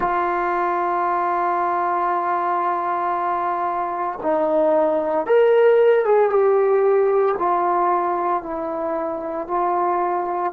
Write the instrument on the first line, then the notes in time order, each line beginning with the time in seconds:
trombone
0.00 F4
4.22 D#4
5.26 A#4
6.05 G#4
6.30 G4
7.38 F4
8.43 E4
9.47 F4